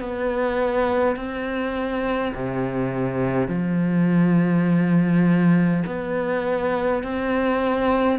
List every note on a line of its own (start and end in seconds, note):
0.00 1.16 B3
1.16 2.33 C4
2.34 3.48 C3
3.48 5.83 F3
5.86 7.03 B3
7.03 8.19 C4